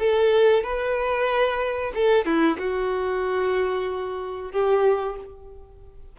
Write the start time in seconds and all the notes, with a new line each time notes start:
0.00 A4
0.64 B4
1.95 A4
2.26 E4
2.59 F#4
4.52 G4